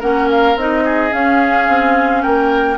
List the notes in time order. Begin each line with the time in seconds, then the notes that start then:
0.00 A#3 C#4 A#4 F#5
0.30 F5
0.56 C4 D#4 D#5
0.85 G#4
1.11 C#4 F5
1.68 C4
2.23 A#3 A#4 G5